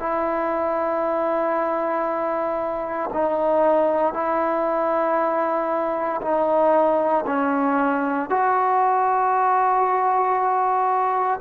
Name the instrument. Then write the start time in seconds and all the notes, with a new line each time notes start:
trombone
0.00 E4
3.13 D#4
4.14 E4
6.22 D#4
7.26 C#4
8.30 F#4